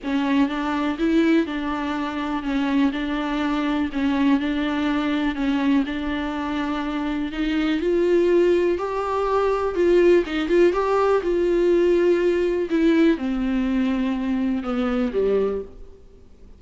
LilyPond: \new Staff \with { instrumentName = "viola" } { \time 4/4 \tempo 4 = 123 cis'4 d'4 e'4 d'4~ | d'4 cis'4 d'2 | cis'4 d'2 cis'4 | d'2. dis'4 |
f'2 g'2 | f'4 dis'8 f'8 g'4 f'4~ | f'2 e'4 c'4~ | c'2 b4 g4 | }